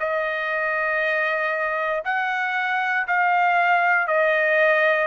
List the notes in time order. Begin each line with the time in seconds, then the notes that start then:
0.00 D#5
2.05 F#5
3.07 F5
4.08 D#5